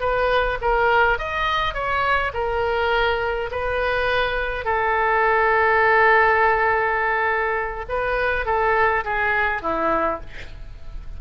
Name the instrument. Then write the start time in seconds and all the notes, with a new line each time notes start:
oboe
0.00 B4
0.61 A#4
1.18 D#5
1.74 C#5
2.34 A#4
3.51 B4
4.65 A4
7.89 B4
8.46 A4
9.05 G#4
9.62 E4